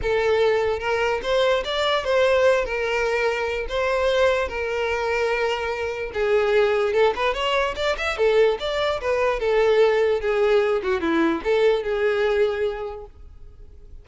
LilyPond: \new Staff \with { instrumentName = "violin" } { \time 4/4 \tempo 4 = 147 a'2 ais'4 c''4 | d''4 c''4. ais'4.~ | ais'4 c''2 ais'4~ | ais'2. gis'4~ |
gis'4 a'8 b'8 cis''4 d''8 e''8 | a'4 d''4 b'4 a'4~ | a'4 gis'4. fis'8 e'4 | a'4 gis'2. | }